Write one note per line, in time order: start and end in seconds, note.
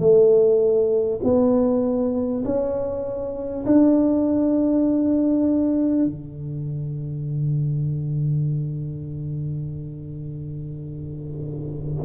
0.00 1.20 A3
1.24 2.44 B3
2.45 3.65 C#4
3.67 6.05 D4
6.05 12.05 D3